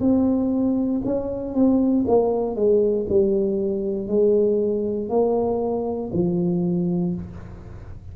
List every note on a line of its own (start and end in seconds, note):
0.00 1.02 C4
1.04 1.54 C#4
1.54 2.05 C4
2.08 2.56 A#3
2.56 3.06 G#3
3.09 4.07 G3
4.07 5.09 G#3
5.09 6.11 A#3
6.13 7.15 F3